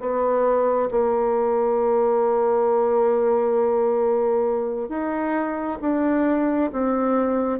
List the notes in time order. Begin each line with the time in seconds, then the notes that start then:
0.00 B3
0.91 A#3
4.89 D#4
5.82 D4
6.72 C4